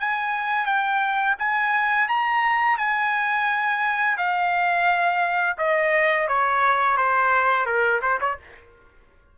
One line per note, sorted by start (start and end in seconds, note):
0.00 0.66 G#5
0.66 1.36 G5
1.39 2.08 G#5
2.08 2.78 A#5
2.78 4.18 G#5
4.18 5.57 F5
5.58 6.28 D#5
6.28 6.97 C#5
6.97 7.66 C5
7.66 8.01 A#4
8.02 8.20 C5
8.21 8.38 C#5